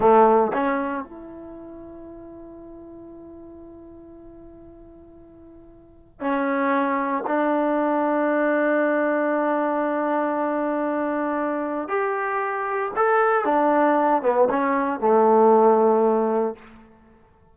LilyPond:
\new Staff \with { instrumentName = "trombone" } { \time 4/4 \tempo 4 = 116 a4 cis'4 e'2~ | e'1~ | e'1 | cis'2 d'2~ |
d'1~ | d'2. g'4~ | g'4 a'4 d'4. b8 | cis'4 a2. | }